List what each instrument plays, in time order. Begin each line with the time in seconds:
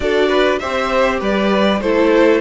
0.00 cello D4, viola F#4, violin A4 D5
0.28 violin B4
0.59 cello C4, viola G4, violin C5 E5
1.19 cello G3, violin B4 D5
1.80 cello A3, viola E4, violin A4 C5